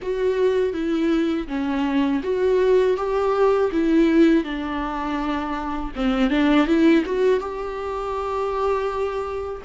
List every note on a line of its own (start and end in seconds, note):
0.02 0.73 F#4
0.73 1.47 E4
1.47 2.21 C#4
2.23 2.96 F#4
2.96 3.70 G4
3.72 4.43 E4
4.43 5.92 D4
5.95 6.30 C4
6.30 6.66 D4
6.66 7.03 E4
7.05 7.39 F#4
7.39 9.62 G4